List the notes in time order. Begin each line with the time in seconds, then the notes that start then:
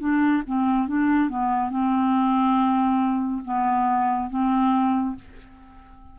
0.00 D4
0.47 C4
0.88 D4
1.30 B3
1.71 C4
3.45 B3
4.30 C4